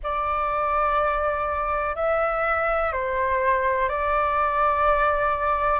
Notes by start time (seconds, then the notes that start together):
0.03 D5
1.95 E5
2.92 C5
3.88 D5